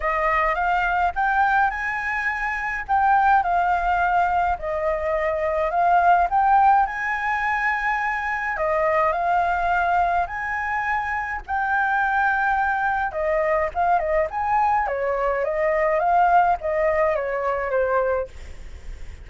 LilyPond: \new Staff \with { instrumentName = "flute" } { \time 4/4 \tempo 4 = 105 dis''4 f''4 g''4 gis''4~ | gis''4 g''4 f''2 | dis''2 f''4 g''4 | gis''2. dis''4 |
f''2 gis''2 | g''2. dis''4 | f''8 dis''8 gis''4 cis''4 dis''4 | f''4 dis''4 cis''4 c''4 | }